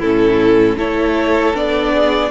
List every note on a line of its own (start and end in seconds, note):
0.00 0.77 A2
0.00 0.78 C#4
0.00 0.77 E4
0.00 0.79 A4
0.77 1.54 A3
0.77 1.55 E4
0.77 1.93 A4
0.77 1.56 C#5
1.54 2.31 B3
1.54 2.31 D4
1.54 2.31 D5
1.93 2.31 G#4